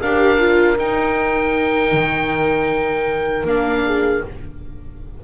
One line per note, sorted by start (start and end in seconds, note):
0.00 0.78 D4
0.00 0.39 G4
0.00 3.85 A#4
0.00 0.78 F5
0.39 0.77 F4
0.77 3.46 D#4
0.77 1.92 D#4
0.77 3.47 G5
1.92 3.44 D#3
3.44 4.21 A#3
3.44 4.23 D4
3.44 4.24 F5
3.85 4.24 G#4